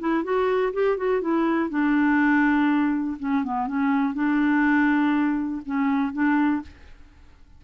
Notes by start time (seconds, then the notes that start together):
0.00 E4
0.24 F#4
0.74 G4
0.98 F#4
1.22 E4
1.70 D4
3.20 C#4
3.44 B3
3.68 C#4
4.14 D4
5.66 C#4
6.13 D4